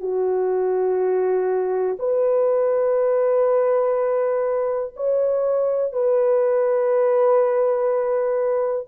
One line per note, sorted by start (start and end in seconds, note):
0.00 1.97 F#4
1.99 4.94 B4
4.96 5.92 C#5
5.92 8.87 B4